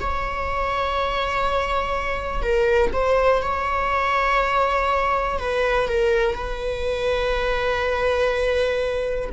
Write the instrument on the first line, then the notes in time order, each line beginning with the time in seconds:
viola
0.00 C#5
2.42 A#4
2.93 C5
3.42 C#5
5.39 B4
5.88 A#4
6.35 B4